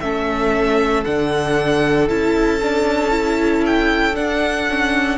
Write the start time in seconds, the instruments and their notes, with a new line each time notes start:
0.00 cello A3, viola C#4, violin A4 E5
1.04 cello D3, viola D4, violin F#5
2.08 cello C#4, viola E4, violin A5
2.61 viola D4
3.10 viola E4
3.66 violin G5
4.13 viola D4, cello D4, violin F#5
4.69 viola C#4